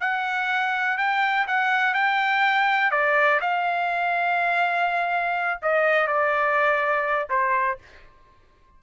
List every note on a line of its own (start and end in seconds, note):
0.00 0.97 F#5
0.97 1.46 G5
1.47 1.94 F#5
1.94 2.91 G5
2.91 3.40 D5
3.40 5.60 F5
5.62 6.07 D#5
6.07 7.29 D5
7.29 7.78 C5